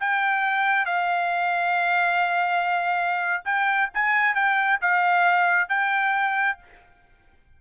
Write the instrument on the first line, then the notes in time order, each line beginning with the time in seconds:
trumpet
0.00 G5
0.86 F5
3.45 G5
3.94 G#5
4.35 G5
4.81 F5
5.69 G5